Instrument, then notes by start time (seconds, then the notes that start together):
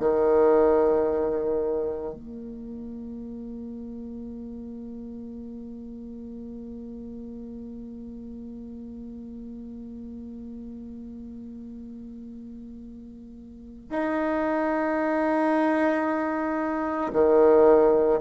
bassoon
0.00 D#3
2.14 A#3
13.90 D#4
17.13 D#3